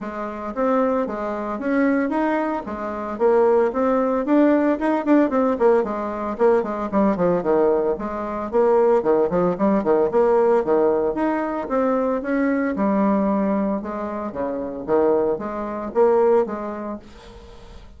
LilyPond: \new Staff \with { instrumentName = "bassoon" } { \time 4/4 \tempo 4 = 113 gis4 c'4 gis4 cis'4 | dis'4 gis4 ais4 c'4 | d'4 dis'8 d'8 c'8 ais8 gis4 | ais8 gis8 g8 f8 dis4 gis4 |
ais4 dis8 f8 g8 dis8 ais4 | dis4 dis'4 c'4 cis'4 | g2 gis4 cis4 | dis4 gis4 ais4 gis4 | }